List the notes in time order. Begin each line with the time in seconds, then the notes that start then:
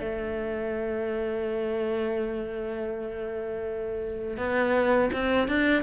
0.00 A3
4.38 B3
5.13 C4
5.48 D4